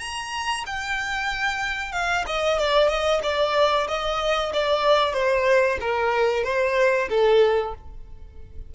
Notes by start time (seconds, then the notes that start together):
0.00 A#5
0.66 G5
1.92 F5
2.27 D#5
2.59 D5
2.89 D#5
3.23 D5
3.88 D#5
4.54 D5
5.14 C5
5.81 A#4
6.44 C5
7.10 A4